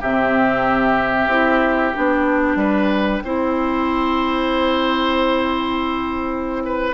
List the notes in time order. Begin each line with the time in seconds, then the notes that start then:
0.00 C3 C4 G4 E5
1.27 C4 E4
1.94 B3 D4 G5
2.55 G3 B4
3.24 C4 E4 C5
6.65 B4